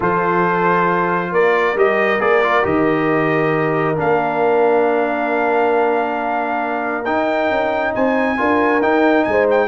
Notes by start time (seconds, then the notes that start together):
0.00 F3 F4 A4 C5
1.31 A#3 A#4 D5
1.75 G3 G4 D#5
2.19 A#3 G#4 D5
2.43 F4
2.62 D#3 G4 D#5
3.95 A#3 D4 F5
7.04 D#4 G5
7.50 C#4
7.94 C4 C5 G#5
8.37 D4 F4 A#4
8.81 D#4 G5
9.24 G#3 G#5
9.31 C5
9.50 G5